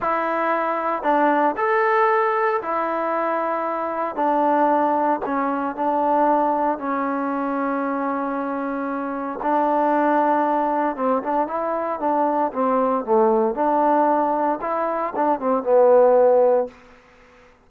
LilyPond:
\new Staff \with { instrumentName = "trombone" } { \time 4/4 \tempo 4 = 115 e'2 d'4 a'4~ | a'4 e'2. | d'2 cis'4 d'4~ | d'4 cis'2.~ |
cis'2 d'2~ | d'4 c'8 d'8 e'4 d'4 | c'4 a4 d'2 | e'4 d'8 c'8 b2 | }